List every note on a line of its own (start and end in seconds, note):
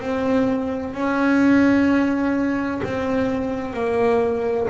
0.00 0.94 C4
0.94 2.81 C#4
2.84 3.73 C4
3.73 4.67 A#3